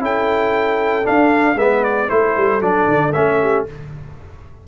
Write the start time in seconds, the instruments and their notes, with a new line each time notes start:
0.00 tuba C#4, trombone E4, horn A4, trumpet G5
1.04 trombone D4, tuba D4, trumpet F5
1.55 tuba G#3, trombone B3, horn B4, trumpet E5
1.84 trumpet D5
2.09 tuba A3, trombone E4, horn A4, trumpet C5
2.37 tuba G3
2.61 tuba F#3, trombone D4, trumpet D5
2.88 tuba D3
3.13 tuba A3, trombone C#4, trumpet E5
3.41 horn G4